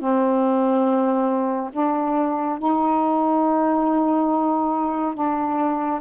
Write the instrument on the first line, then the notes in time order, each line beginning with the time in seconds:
saxophone
0.00 C4
1.73 D4
2.59 D#4
5.15 D4